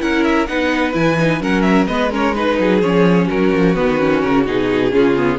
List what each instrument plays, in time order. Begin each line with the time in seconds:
0.00 cello C#4, viola E4, violin A#4 F#5
0.24 violin E5
0.47 cello B3, viola D#4, violin B4 F#5
0.93 cello E3, viola E4, violin G#5
1.20 viola D#4
1.40 cello F#3, viola C#4, violin A#4 F#5
1.62 violin E5
1.87 cello G#3, viola B3, violin B4 D#5
2.11 viola C#4, violin A#4 C#5
2.35 viola D#4, violin B4
2.59 cello F#3, violin G#4
2.81 cello F3, viola C#4, violin C#5
3.27 cello F#3, violin F#4 A#4
3.53 cello F3
3.76 cello D#3, viola B3, violin B4
3.99 viola C#4
4.21 cello C#3, violin A#4
4.46 cello B2, viola D#4, violin G#4
4.91 cello C#3, viola C#4, violin F4
5.17 viola B3